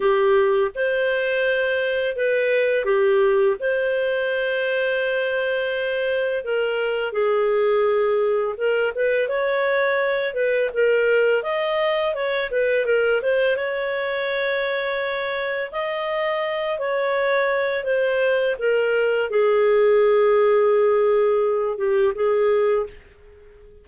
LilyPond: \new Staff \with { instrumentName = "clarinet" } { \time 4/4 \tempo 4 = 84 g'4 c''2 b'4 | g'4 c''2.~ | c''4 ais'4 gis'2 | ais'8 b'8 cis''4. b'8 ais'4 |
dis''4 cis''8 b'8 ais'8 c''8 cis''4~ | cis''2 dis''4. cis''8~ | cis''4 c''4 ais'4 gis'4~ | gis'2~ gis'8 g'8 gis'4 | }